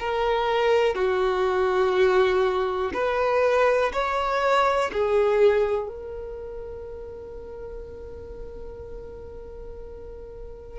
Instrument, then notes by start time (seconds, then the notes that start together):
violin
0.00 A#4
0.95 F#4
2.94 B4
3.93 C#5
4.93 G#4
5.89 A#4